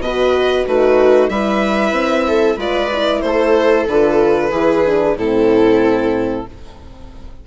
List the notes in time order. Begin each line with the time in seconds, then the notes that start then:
0.00 B2 F#4 B4 D#5
0.66 A3 D#4 F#4 B4
1.29 G3 E4 B4 E5
1.92 C4
2.28 A4
2.56 G#3 F4 B4 D5
2.92 E4
3.21 A3 A4 C5
3.87 D3 F4 B4
4.51 E3 E4 G#4
4.86 D4
5.16 A2 C4 E4 A4